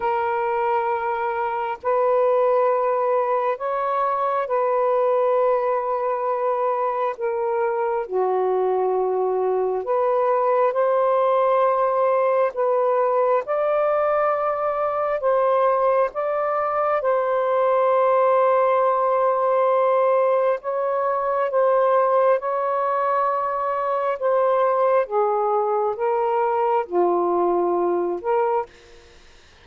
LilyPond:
\new Staff \with { instrumentName = "saxophone" } { \time 4/4 \tempo 4 = 67 ais'2 b'2 | cis''4 b'2. | ais'4 fis'2 b'4 | c''2 b'4 d''4~ |
d''4 c''4 d''4 c''4~ | c''2. cis''4 | c''4 cis''2 c''4 | gis'4 ais'4 f'4. ais'8 | }